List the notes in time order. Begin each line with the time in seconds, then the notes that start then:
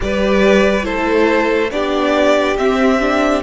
0.00 G3 G4 B4 D5
0.83 A3 E4 A4 C5
1.71 B3 D4 G4 D5
2.57 C4 E5
3.00 D4